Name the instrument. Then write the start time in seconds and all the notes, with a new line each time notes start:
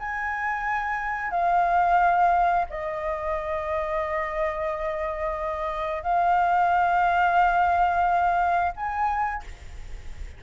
flute
0.00 G#5
1.31 F5
2.70 D#5
6.03 F5
8.76 G#5